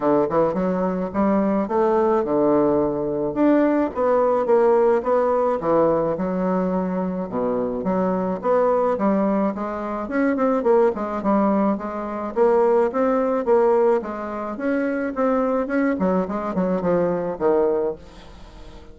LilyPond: \new Staff \with { instrumentName = "bassoon" } { \time 4/4 \tempo 4 = 107 d8 e8 fis4 g4 a4 | d2 d'4 b4 | ais4 b4 e4 fis4~ | fis4 b,4 fis4 b4 |
g4 gis4 cis'8 c'8 ais8 gis8 | g4 gis4 ais4 c'4 | ais4 gis4 cis'4 c'4 | cis'8 fis8 gis8 fis8 f4 dis4 | }